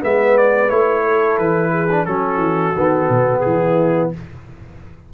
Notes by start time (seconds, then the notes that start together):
0.00 G#3 B3 B4 E5
0.37 D5
0.69 A3 E4 C#5
1.03 A4
1.38 E3 B4
1.71 G#4
1.91 D4
2.05 F#3 C#4 F#4 A4
2.37 E3
2.76 D#3 B3
3.09 B2
3.40 E3 E4 G#4